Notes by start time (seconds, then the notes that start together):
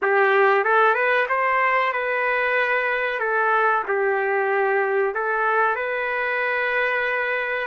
0.02 G4
0.64 A4
0.94 B4
1.29 C5
1.92 B4
3.19 A4
3.88 G4
5.14 A4
5.75 B4